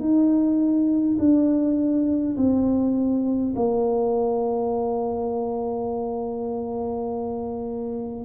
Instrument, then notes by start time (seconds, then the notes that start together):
tuba
0.00 D#4
1.19 D4
2.37 C4
3.56 A#3